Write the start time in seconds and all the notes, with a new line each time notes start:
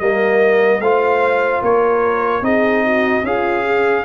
0.00 G3 A#3 A#4 D#5
0.80 A3 F4 C5 F5
1.62 A#3 A#4 C#5
2.42 C4 D#4 G#4 D#5
2.85 F#4
3.23 C#4 F4 G#4 F5
3.64 G#4